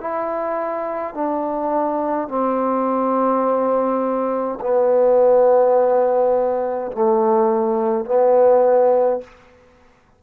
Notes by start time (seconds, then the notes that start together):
0.00 E4
1.14 D4
2.28 C4
4.60 B3
6.92 A3
8.05 B3